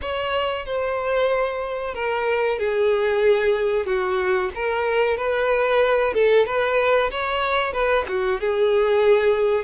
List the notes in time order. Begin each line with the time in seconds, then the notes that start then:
0.01 C#5
0.65 C5
1.94 A#4
2.58 G#4
3.86 F#4
4.55 A#4
5.17 B4
6.13 A4
6.45 B4
7.10 C#5
7.72 B4
8.08 F#4
8.40 G#4